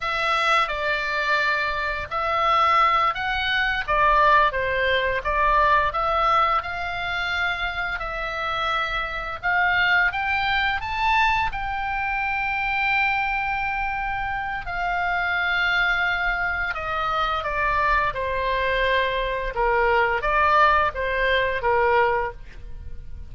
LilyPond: \new Staff \with { instrumentName = "oboe" } { \time 4/4 \tempo 4 = 86 e''4 d''2 e''4~ | e''8 fis''4 d''4 c''4 d''8~ | d''8 e''4 f''2 e''8~ | e''4. f''4 g''4 a''8~ |
a''8 g''2.~ g''8~ | g''4 f''2. | dis''4 d''4 c''2 | ais'4 d''4 c''4 ais'4 | }